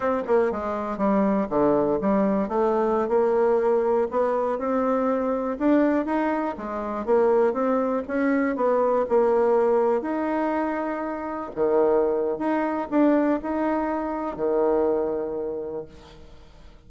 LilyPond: \new Staff \with { instrumentName = "bassoon" } { \time 4/4 \tempo 4 = 121 c'8 ais8 gis4 g4 d4 | g4 a4~ a16 ais4.~ ais16~ | ais16 b4 c'2 d'8.~ | d'16 dis'4 gis4 ais4 c'8.~ |
c'16 cis'4 b4 ais4.~ ais16~ | ais16 dis'2. dis8.~ | dis4 dis'4 d'4 dis'4~ | dis'4 dis2. | }